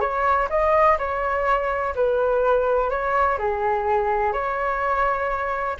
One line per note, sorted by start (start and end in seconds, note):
0.00 0.48 C#5
0.49 0.97 D#5
0.98 1.94 C#5
1.95 2.90 B4
2.90 3.38 C#5
3.38 4.32 G#4
4.32 5.76 C#5